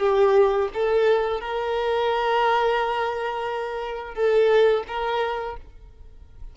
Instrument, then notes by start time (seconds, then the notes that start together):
violin
0.00 G4
0.74 A4
1.41 A#4
4.14 A4
4.87 A#4